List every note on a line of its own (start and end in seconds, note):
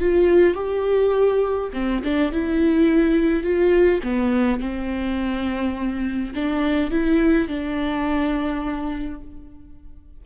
0.00 0.55 F4
0.55 1.70 G4
1.74 2.02 C4
2.04 2.32 D4
2.32 3.44 E4
3.44 4.01 F4
4.04 4.60 B3
4.60 6.33 C4
6.35 6.91 D4
6.91 7.48 E4
7.48 9.21 D4